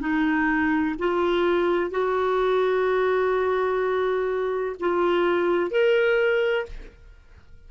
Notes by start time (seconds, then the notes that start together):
0.00 D#4
0.98 F4
1.90 F#4
4.80 F4
5.71 A#4